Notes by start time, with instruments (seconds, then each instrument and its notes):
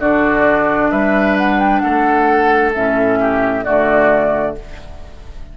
0.00 bassoon D3, clarinet D4, oboe F#4, flute D5
0.92 bassoon G3, oboe B4, flute E5
1.38 flute F#5
1.60 flute G5
1.80 bassoon A3, oboe A4, flute F#5
2.74 bassoon A2, clarinet C#4, flute E5
3.20 oboe G4
3.64 bassoon D3, clarinet A3, oboe F#4, flute D5